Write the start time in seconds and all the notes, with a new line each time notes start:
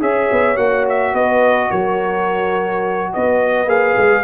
0.00 C#4 G#4 C#5 E5
0.31 B3
0.56 A#3 F#4 F#5
0.89 E5
1.13 B3 B4 D#5
1.69 F#3 A#4 C#5
3.13 B3 B4 D#5
3.66 A#3 G#4 F5
3.97 G#3